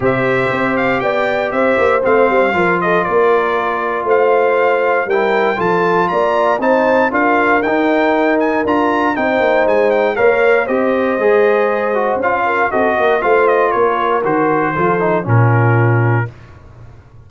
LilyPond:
<<
  \new Staff \with { instrumentName = "trumpet" } { \time 4/4 \tempo 4 = 118 e''4. f''8 g''4 e''4 | f''4. dis''8 d''2 | f''2 g''4 a''4 | ais''4 a''4 f''4 g''4~ |
g''8 gis''8 ais''4 g''4 gis''8 g''8 | f''4 dis''2. | f''4 dis''4 f''8 dis''8 cis''4 | c''2 ais'2 | }
  \new Staff \with { instrumentName = "horn" } { \time 4/4 c''2 d''4 c''4~ | c''4 ais'8 a'8 ais'2 | c''2 ais'4 a'4 | d''4 c''4 ais'2~ |
ais'2 c''2 | cis''4 c''2.~ | c''8 ais'8 a'8 ais'8 c''4 ais'4~ | ais'4 a'4 f'2 | }
  \new Staff \with { instrumentName = "trombone" } { \time 4/4 g'1 | c'4 f'2.~ | f'2 e'4 f'4~ | f'4 dis'4 f'4 dis'4~ |
dis'4 f'4 dis'2 | ais'4 g'4 gis'4. fis'8 | f'4 fis'4 f'2 | fis'4 f'8 dis'8 cis'2 | }
  \new Staff \with { instrumentName = "tuba" } { \time 4/4 c4 c'4 b4 c'8 ais8 | a8 g8 f4 ais2 | a2 g4 f4 | ais4 c'4 d'4 dis'4~ |
dis'4 d'4 c'8 ais8 gis4 | ais4 c'4 gis2 | cis'4 c'8 ais8 a4 ais4 | dis4 f4 ais,2 | }
>>